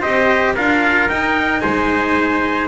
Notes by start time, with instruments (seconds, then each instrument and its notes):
0.00 double bass C4, cello G4, trumpet C5 D#5
0.55 double bass D4, cello F4, trumpet A#4 F5
1.09 double bass D#4, cello D#4, trumpet G5
1.60 double bass G#3, trumpet C5 G#5